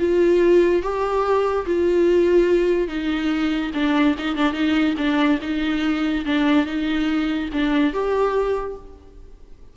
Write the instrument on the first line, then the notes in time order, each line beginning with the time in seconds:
viola
0.00 F4
0.83 G4
1.67 F4
2.89 D#4
3.74 D4
4.19 D#4
4.37 D4
4.53 D#4
4.98 D4
5.42 D#4
6.26 D4
6.67 D#4
7.53 D4
7.94 G4